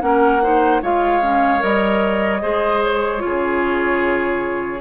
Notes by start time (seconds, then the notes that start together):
0.00 A#3 C#4 A#4 F#5
0.42 D#4 C5
0.82 G#3 F4 C#5 F5
1.22 C#4
1.59 G3 A#4 D#5
2.41 G#3 G#4 C5
2.83 C#5
3.19 F4
3.25 C#3 G#4